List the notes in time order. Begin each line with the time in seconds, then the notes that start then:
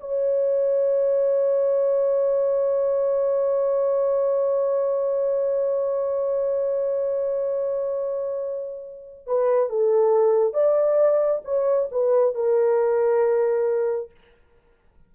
0.00 C#5
9.26 B4
9.69 A4
10.53 D5
11.44 C#5
11.91 B4
12.34 A#4